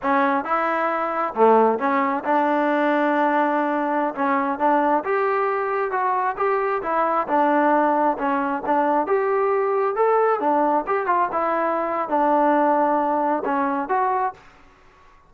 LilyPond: \new Staff \with { instrumentName = "trombone" } { \time 4/4 \tempo 4 = 134 cis'4 e'2 a4 | cis'4 d'2.~ | d'4~ d'16 cis'4 d'4 g'8.~ | g'4~ g'16 fis'4 g'4 e'8.~ |
e'16 d'2 cis'4 d'8.~ | d'16 g'2 a'4 d'8.~ | d'16 g'8 f'8 e'4.~ e'16 d'4~ | d'2 cis'4 fis'4 | }